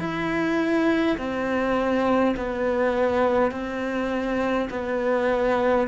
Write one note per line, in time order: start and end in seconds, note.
0.00 1.18 E4
1.18 2.36 C4
2.37 3.52 B3
3.52 4.70 C4
4.71 5.88 B3